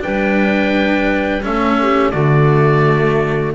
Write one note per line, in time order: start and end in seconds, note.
0.00 1.46 G3
0.00 1.41 D4
0.00 1.45 B4
0.00 1.44 G5
1.42 2.13 A3
1.42 2.13 C#4
1.42 1.80 A4
1.42 2.11 E5
1.82 2.12 G4
2.11 3.55 D3
2.11 3.55 A3
2.11 3.53 F#4
2.11 3.52 D5